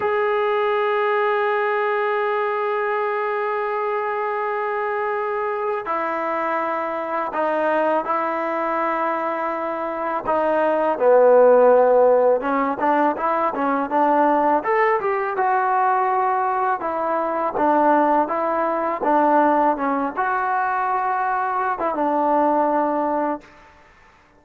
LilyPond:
\new Staff \with { instrumentName = "trombone" } { \time 4/4 \tempo 4 = 82 gis'1~ | gis'1 | e'2 dis'4 e'4~ | e'2 dis'4 b4~ |
b4 cis'8 d'8 e'8 cis'8 d'4 | a'8 g'8 fis'2 e'4 | d'4 e'4 d'4 cis'8 fis'8~ | fis'4.~ fis'16 e'16 d'2 | }